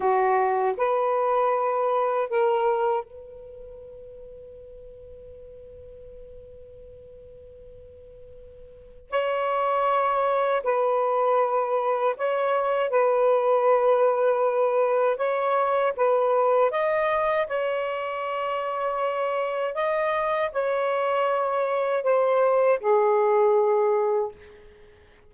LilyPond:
\new Staff \with { instrumentName = "saxophone" } { \time 4/4 \tempo 4 = 79 fis'4 b'2 ais'4 | b'1~ | b'1 | cis''2 b'2 |
cis''4 b'2. | cis''4 b'4 dis''4 cis''4~ | cis''2 dis''4 cis''4~ | cis''4 c''4 gis'2 | }